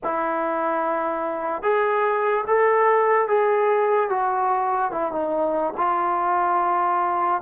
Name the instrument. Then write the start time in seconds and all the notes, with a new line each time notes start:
trombone
0.03 E4
1.62 G#4
2.47 A4
3.28 G#4
4.09 F#4
4.91 E4
5.11 D#4
5.77 F4